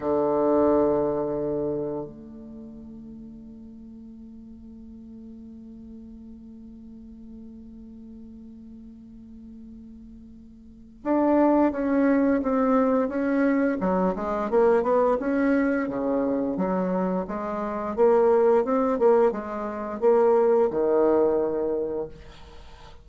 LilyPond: \new Staff \with { instrumentName = "bassoon" } { \time 4/4 \tempo 4 = 87 d2. a4~ | a1~ | a1~ | a1 |
d'4 cis'4 c'4 cis'4 | fis8 gis8 ais8 b8 cis'4 cis4 | fis4 gis4 ais4 c'8 ais8 | gis4 ais4 dis2 | }